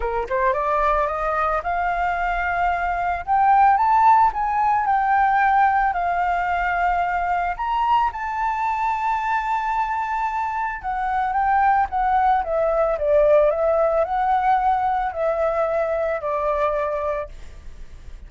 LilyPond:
\new Staff \with { instrumentName = "flute" } { \time 4/4 \tempo 4 = 111 ais'8 c''8 d''4 dis''4 f''4~ | f''2 g''4 a''4 | gis''4 g''2 f''4~ | f''2 ais''4 a''4~ |
a''1 | fis''4 g''4 fis''4 e''4 | d''4 e''4 fis''2 | e''2 d''2 | }